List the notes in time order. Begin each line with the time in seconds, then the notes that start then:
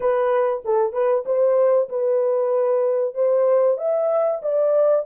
0.00 B4
0.65 A4
0.92 B4
1.25 C5
1.89 B4
3.14 C5
3.77 E5
4.42 D5